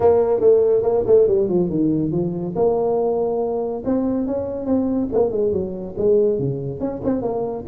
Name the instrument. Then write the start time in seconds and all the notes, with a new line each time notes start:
tuba
0.00 A#3
0.40 A3
0.82 A#3
1.06 A3
1.27 G3
1.48 F3
1.69 D#3
2.11 F3
2.55 A#3
3.85 C4
4.26 C#4
4.66 C4
5.12 A#3
5.31 G#3
5.52 F#3
5.97 G#3
6.38 C#3
6.79 C#4
7.04 C4
7.22 A#3